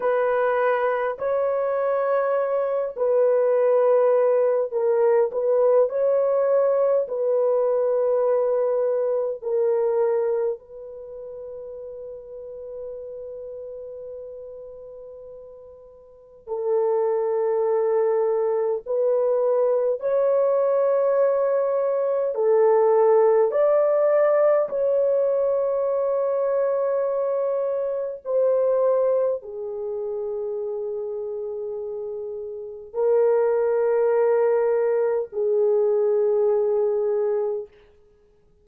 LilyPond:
\new Staff \with { instrumentName = "horn" } { \time 4/4 \tempo 4 = 51 b'4 cis''4. b'4. | ais'8 b'8 cis''4 b'2 | ais'4 b'2.~ | b'2 a'2 |
b'4 cis''2 a'4 | d''4 cis''2. | c''4 gis'2. | ais'2 gis'2 | }